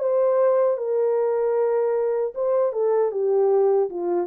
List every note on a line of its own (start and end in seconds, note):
0.00 0.78 C5
0.78 2.34 A#4
2.35 2.73 C5
2.73 3.12 A4
3.12 3.90 G4
3.90 4.28 F4